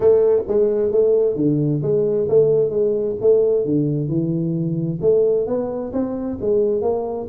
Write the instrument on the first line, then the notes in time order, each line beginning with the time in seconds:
tuba
0.00 A3
0.47 G#3
0.91 A3
1.35 D3
1.82 G#3
2.28 A3
2.70 G#3
3.20 A3
3.65 D3
4.08 E3
5.01 A3
5.46 B3
5.92 C4
6.40 G#3
6.81 A#3